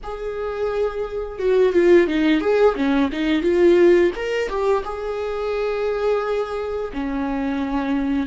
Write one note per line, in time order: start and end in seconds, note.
0.03 1.39 G#4
1.39 1.72 F#4
1.72 2.07 F4
2.07 2.40 D#4
2.40 2.75 G#4
2.75 3.10 C#4
3.12 3.42 D#4
3.42 4.11 F4
4.15 4.49 A#4
4.49 4.83 G4
4.84 6.91 G#4
6.93 8.26 C#4